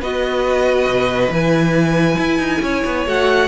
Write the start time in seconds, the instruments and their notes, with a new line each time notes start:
0.00 cello B3, viola F#4, violin B4 D#5
0.85 cello B2
1.30 cello E3, viola E4, violin G#5
2.18 cello E4
2.38 cello D#4
2.61 cello C#4, violin C#5
2.85 cello B3
3.06 cello A3, viola F#4, violin F#5